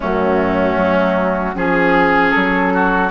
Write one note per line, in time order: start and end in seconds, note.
0.00 0.76 F#2
0.00 1.54 A3
0.00 1.55 C#4
0.00 1.56 F#4
0.76 1.54 F#3
1.54 2.33 F3
1.54 3.10 C#4
1.54 2.31 G#4
1.54 2.73 G#4
2.31 3.11 F#3
2.31 3.09 A4
2.73 3.11 F#4